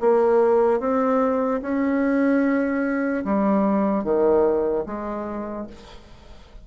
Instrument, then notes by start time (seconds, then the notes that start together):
bassoon
0.00 A#3
0.80 C4
1.62 C#4
3.24 G3
4.04 D#3
4.86 G#3